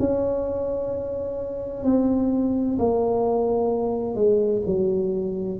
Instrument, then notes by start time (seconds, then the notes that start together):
tuba
0.00 C#4
1.85 C4
2.79 A#3
4.15 G#3
4.67 F#3